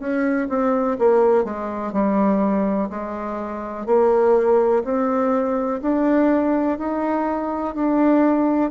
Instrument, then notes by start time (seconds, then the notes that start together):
bassoon
0.00 C#4
0.49 C4
0.99 A#3
1.45 G#3
1.93 G3
2.90 G#3
3.87 A#3
4.84 C4
5.82 D4
6.79 D#4
7.75 D4